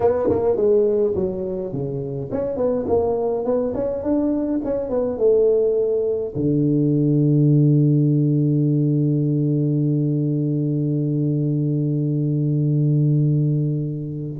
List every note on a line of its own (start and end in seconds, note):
0.00 0.29 B3
0.29 0.56 A#3
0.56 1.14 G#3
1.15 1.72 F#3
1.72 2.30 C#3
2.31 2.56 C#4
2.56 2.85 B3
2.87 3.44 A#3
3.44 3.73 B3
3.74 4.03 C#4
4.03 4.60 D4
4.64 4.89 C#4
4.89 5.18 B3
5.18 6.33 A3
6.35 14.39 D3